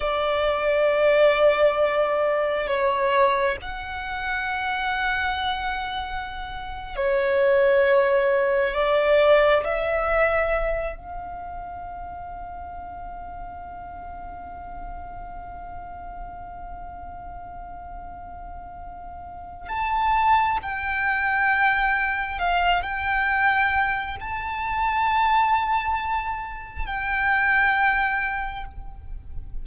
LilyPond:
\new Staff \with { instrumentName = "violin" } { \time 4/4 \tempo 4 = 67 d''2. cis''4 | fis''2.~ fis''8. cis''16~ | cis''4.~ cis''16 d''4 e''4~ e''16~ | e''16 f''2.~ f''8.~ |
f''1~ | f''2 a''4 g''4~ | g''4 f''8 g''4. a''4~ | a''2 g''2 | }